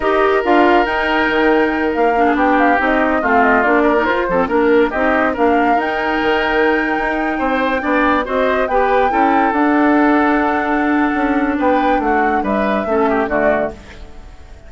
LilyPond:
<<
  \new Staff \with { instrumentName = "flute" } { \time 4/4 \tempo 4 = 140 dis''4 f''4 g''2~ | g''8 f''4 g''8 f''8 dis''4 f''8 | dis''8 d''4 c''4 ais'4 dis''8~ | dis''8 f''4 g''2~ g''8~ |
g''2.~ g''16 dis''8.~ | dis''16 g''2 fis''4.~ fis''16~ | fis''2. g''4 | fis''4 e''2 d''4 | }
  \new Staff \with { instrumentName = "oboe" } { \time 4/4 ais'1~ | ais'4~ ais'16 gis'16 g'2 f'8~ | f'4 ais'4 a'8 ais'4 g'8~ | g'8 ais'2.~ ais'8~ |
ais'4~ ais'16 c''4 d''4 c''8.~ | c''16 b'4 a'2~ a'8.~ | a'2. b'4 | fis'4 b'4 a'8 g'8 fis'4 | }
  \new Staff \with { instrumentName = "clarinet" } { \time 4/4 g'4 f'4 dis'2~ | dis'4 d'4. dis'4 c'8~ | c'8 d'8. dis'16 f'8 c'8 d'4 dis'8~ | dis'8 d'4 dis'2~ dis'8~ |
dis'2~ dis'16 d'4 fis'8.~ | fis'16 g'4 e'4 d'4.~ d'16~ | d'1~ | d'2 cis'4 a4 | }
  \new Staff \with { instrumentName = "bassoon" } { \time 4/4 dis'4 d'4 dis'4 dis4~ | dis8 ais4 b4 c'4 a8~ | a8 ais4 f'8 f8 ais4 c'8~ | c'8 ais4 dis'4 dis4.~ |
dis16 dis'4 c'4 b4 c'8.~ | c'16 b4 cis'4 d'4.~ d'16~ | d'2 cis'4 b4 | a4 g4 a4 d4 | }
>>